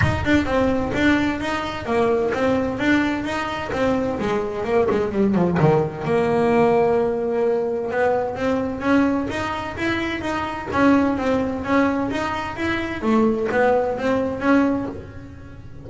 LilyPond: \new Staff \with { instrumentName = "double bass" } { \time 4/4 \tempo 4 = 129 dis'8 d'8 c'4 d'4 dis'4 | ais4 c'4 d'4 dis'4 | c'4 gis4 ais8 gis8 g8 f8 | dis4 ais2.~ |
ais4 b4 c'4 cis'4 | dis'4 e'4 dis'4 cis'4 | c'4 cis'4 dis'4 e'4 | a4 b4 c'4 cis'4 | }